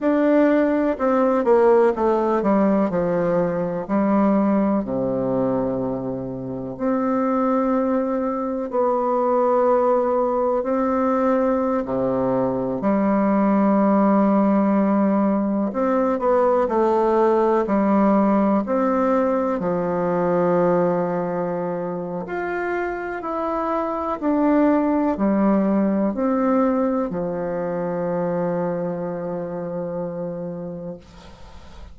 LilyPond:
\new Staff \with { instrumentName = "bassoon" } { \time 4/4 \tempo 4 = 62 d'4 c'8 ais8 a8 g8 f4 | g4 c2 c'4~ | c'4 b2 c'4~ | c'16 c4 g2~ g8.~ |
g16 c'8 b8 a4 g4 c'8.~ | c'16 f2~ f8. f'4 | e'4 d'4 g4 c'4 | f1 | }